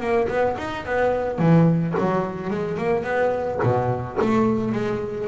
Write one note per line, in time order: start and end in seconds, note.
0.00 0.28 A#3
0.28 0.56 B3
0.58 0.85 D#4
0.85 1.39 B3
1.39 1.94 E3
1.98 2.50 F#3
2.50 2.77 G#3
2.77 3.04 A#3
3.04 3.59 B3
3.63 4.18 B2
4.21 4.72 A3
4.72 5.27 G#3